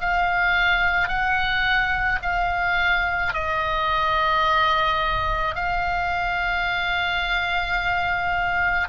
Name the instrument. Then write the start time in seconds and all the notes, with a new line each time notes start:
oboe
0.00 F5
1.08 F#5
2.22 F5
3.33 D#5
5.55 F5